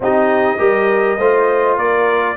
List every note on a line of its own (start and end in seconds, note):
0.00 0.57 C4
0.00 0.58 D#4
0.00 0.58 G4
0.00 1.78 D#5
0.58 1.18 G3
0.58 1.17 G4
0.58 1.17 A#4
1.17 1.77 A3
1.17 2.36 F4
1.17 1.76 C5
1.76 2.36 A#3
1.76 2.36 A#4
1.76 2.36 D5